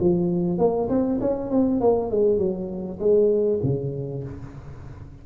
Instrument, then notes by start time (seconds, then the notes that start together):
tuba
0.00 F3
0.58 A#3
0.89 C4
1.21 C#4
1.50 C4
1.81 A#3
2.11 G#3
2.38 F#3
2.99 G#3
3.63 C#3